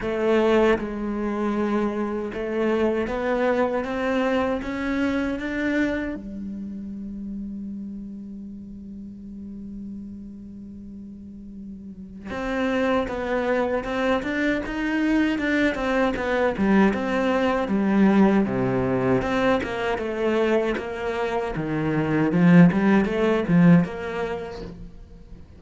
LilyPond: \new Staff \with { instrumentName = "cello" } { \time 4/4 \tempo 4 = 78 a4 gis2 a4 | b4 c'4 cis'4 d'4 | g1~ | g1 |
c'4 b4 c'8 d'8 dis'4 | d'8 c'8 b8 g8 c'4 g4 | c4 c'8 ais8 a4 ais4 | dis4 f8 g8 a8 f8 ais4 | }